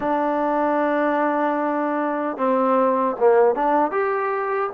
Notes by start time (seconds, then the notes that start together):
0.00 D4
2.37 C4
3.19 A#3
3.55 D4
3.91 G4